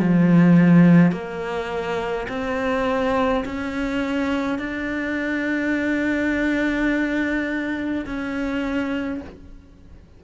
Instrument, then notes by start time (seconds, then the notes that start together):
cello
0.00 F3
1.12 A#3
2.29 C4
3.45 C#4
4.59 D4
8.06 C#4